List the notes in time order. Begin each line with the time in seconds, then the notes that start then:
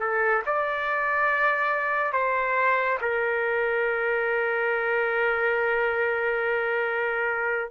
0.00 A4
0.46 D5
2.13 C5
3.02 A#4